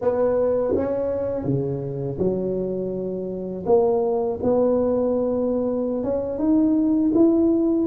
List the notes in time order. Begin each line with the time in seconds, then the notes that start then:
0.01 B3
0.75 C#4
1.44 C#3
2.18 F#3
3.66 A#3
4.43 B3
6.03 C#4
6.38 D#4
7.14 E4